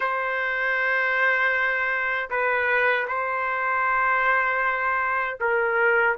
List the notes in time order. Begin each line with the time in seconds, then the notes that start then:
0.00 C5
2.30 B4
3.07 C5
5.40 A#4